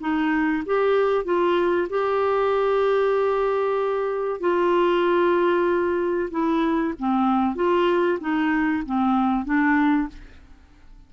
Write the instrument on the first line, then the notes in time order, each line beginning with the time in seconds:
clarinet
0.00 D#4
0.65 G4
1.25 F4
1.89 G4
4.40 F4
6.30 E4
6.99 C4
7.55 F4
8.20 D#4
8.85 C4
9.45 D4